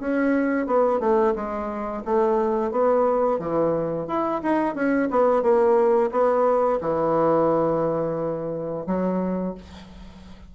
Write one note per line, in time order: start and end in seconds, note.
0.00 0.67 C#4
0.67 1.00 B3
1.00 1.34 A3
1.35 2.04 G#3
2.05 2.71 A3
2.71 3.39 B3
3.39 4.08 E3
4.08 4.42 E4
4.43 4.75 D#4
4.75 5.09 C#4
5.11 5.43 B3
5.43 6.11 A#3
6.11 6.80 B3
6.81 8.86 E3
8.87 9.55 F#3